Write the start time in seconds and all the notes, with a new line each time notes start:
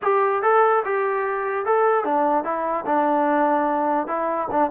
0.01 G4
0.42 A4
0.84 G4
1.65 A4
2.04 D4
2.43 E4
2.86 D4
4.07 E4
4.51 D4